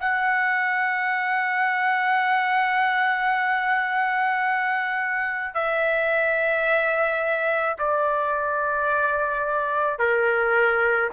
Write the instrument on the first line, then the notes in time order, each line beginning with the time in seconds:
trumpet
0.00 F#5
5.54 E5
7.78 D5
9.98 A#4